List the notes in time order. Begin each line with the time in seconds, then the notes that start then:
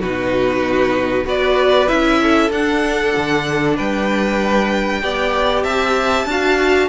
0.00 B2 D#4 F#4 B4
1.24 B3 F#4 B4 D5
1.88 C#4 E4 E5
2.22 A4
2.50 D4 F#5
3.16 D3
3.76 G3 B4 G5
5.02 B3 G4 D5
5.63 C4 E5 A5
6.25 D4 F#4 F5